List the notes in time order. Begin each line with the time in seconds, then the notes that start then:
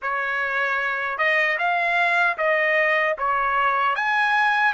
0.01 C#5
1.18 D#5
1.58 F5
2.37 D#5
3.18 C#5
3.95 G#5